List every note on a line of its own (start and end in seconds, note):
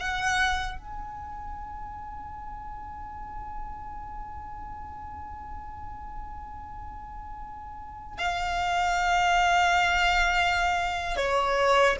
0.00 0.79 F#5
0.79 8.19 G#5
8.19 11.17 F5
11.17 11.97 C#5